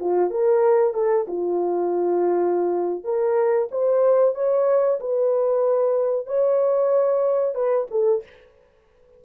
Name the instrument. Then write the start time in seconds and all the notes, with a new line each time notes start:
horn
0.00 F4
0.31 A#4
0.94 A4
1.28 F4
3.04 A#4
3.72 C5
4.35 C#5
5.00 B4
6.27 C#5
7.55 B4
7.91 A4